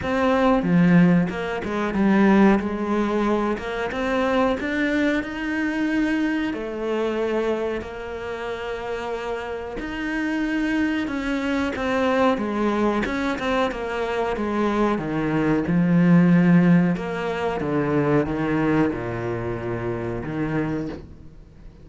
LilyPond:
\new Staff \with { instrumentName = "cello" } { \time 4/4 \tempo 4 = 92 c'4 f4 ais8 gis8 g4 | gis4. ais8 c'4 d'4 | dis'2 a2 | ais2. dis'4~ |
dis'4 cis'4 c'4 gis4 | cis'8 c'8 ais4 gis4 dis4 | f2 ais4 d4 | dis4 ais,2 dis4 | }